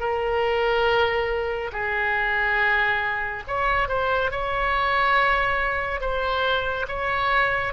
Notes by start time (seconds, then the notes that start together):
0.00 A#4
1.72 G#4
3.48 C#5
3.88 C5
4.31 C#5
6.01 C5
6.88 C#5